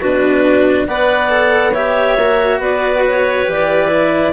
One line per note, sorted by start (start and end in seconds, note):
0.00 0.87 B2
0.00 0.89 D4
0.00 0.87 F#4
0.00 0.87 B4
0.87 2.17 B3
0.87 1.30 B4
0.87 1.72 D5
0.87 1.74 F#5
1.30 1.73 A4
1.72 2.18 G4
1.72 2.59 C#5
1.72 2.61 E5
2.17 2.59 A#3
2.17 3.46 F#4
2.59 3.46 B3
2.59 4.33 B4
2.59 3.05 D5
3.08 3.51 C#5
3.46 4.33 E3
3.46 3.89 G4
3.46 4.33 D5
3.89 4.32 E4